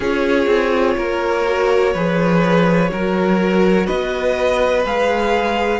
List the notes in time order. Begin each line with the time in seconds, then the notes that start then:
0.00 C#4 F4 G#4 C#5
0.46 C4
0.97 A#3 A#4
1.46 F#4
1.93 F3 G#4 B4
2.88 F#3 F#4 A#4
3.86 B3 B4 D#5
4.85 G#3 G#4 F5